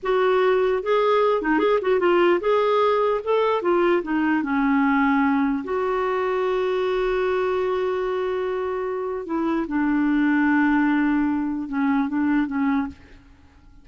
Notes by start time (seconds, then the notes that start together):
0.02 F#4
0.82 G#4
1.42 D#4
1.59 G#4
1.81 F#4
1.99 F4
2.40 G#4
3.24 A4
3.62 F4
4.02 D#4
4.43 C#4
5.64 F#4
9.26 E4
9.67 D4
11.68 C#4
12.08 D4
12.46 C#4